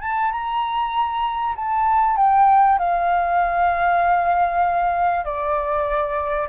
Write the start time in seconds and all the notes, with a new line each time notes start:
0.00 A5
0.31 A#5
1.56 A5
2.16 G5
2.78 F5
5.24 D5